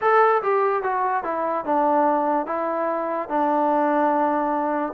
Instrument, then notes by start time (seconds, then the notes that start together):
trombone
0.01 A4
0.42 G4
0.83 F#4
1.23 E4
1.64 D4
2.46 E4
3.29 D4